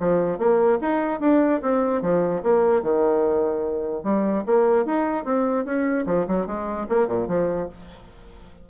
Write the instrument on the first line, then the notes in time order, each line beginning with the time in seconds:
bassoon
0.00 F3
0.38 A#3
0.81 D#4
1.20 D4
1.62 C4
2.02 F3
2.43 A#3
2.82 D#3
4.04 G3
4.46 A#3
4.86 D#4
5.25 C4
5.65 C#4
6.06 F3
6.27 F#3
6.47 G#3
6.89 A#3
7.08 A#2
7.28 F3